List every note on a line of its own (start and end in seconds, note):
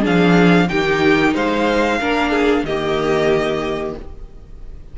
0.00 0.71 F3
0.00 0.67 D4
0.00 0.65 G#4
0.00 0.69 F5
0.69 1.35 D#3
0.69 2.00 D#4
0.69 1.34 G4
0.69 1.34 G5
1.34 2.00 G#3
1.34 1.99 C5
1.34 2.65 F5
2.00 2.63 A#3
2.00 2.66 D4
2.00 2.31 A#4
2.31 2.63 G#4
2.63 3.94 D#3
2.63 3.98 A#3
2.63 3.96 G4
2.63 3.96 D#5